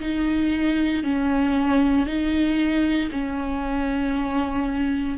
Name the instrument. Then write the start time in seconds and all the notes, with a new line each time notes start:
viola
0.00 D#4
1.04 C#4
2.06 D#4
3.12 C#4